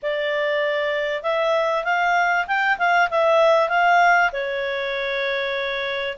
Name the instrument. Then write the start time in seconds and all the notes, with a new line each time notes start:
clarinet
0.02 D5
1.23 E5
1.84 F5
2.47 G5
2.78 F5
3.10 E5
3.69 F5
4.32 C#5